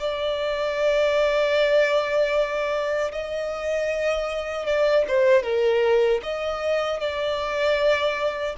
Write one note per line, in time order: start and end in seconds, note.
0.00 3.12 D5
3.12 4.66 D#5
4.66 5.05 D5
5.08 5.43 C5
5.43 6.21 A#4
6.23 7.00 D#5
7.00 8.56 D5